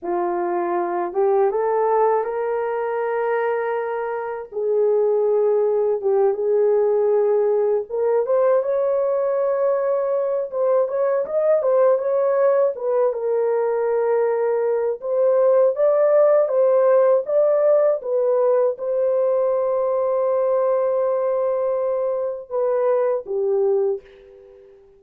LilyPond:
\new Staff \with { instrumentName = "horn" } { \time 4/4 \tempo 4 = 80 f'4. g'8 a'4 ais'4~ | ais'2 gis'2 | g'8 gis'2 ais'8 c''8 cis''8~ | cis''2 c''8 cis''8 dis''8 c''8 |
cis''4 b'8 ais'2~ ais'8 | c''4 d''4 c''4 d''4 | b'4 c''2.~ | c''2 b'4 g'4 | }